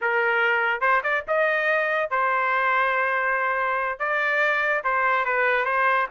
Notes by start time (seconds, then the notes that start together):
0.01 A#4
0.80 C5
1.03 D5
1.27 D#5
2.10 C5
3.99 D5
4.84 C5
5.25 B4
5.65 C5